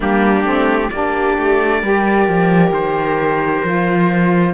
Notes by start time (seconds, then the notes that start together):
0.00 G3 A#3 D4 G4
0.44 A3 C4
0.90 A#3 D4 G4 D5
1.37 A3
1.80 G3 G4 A#4
2.28 F3
2.70 D#3 C5
3.64 F3 F4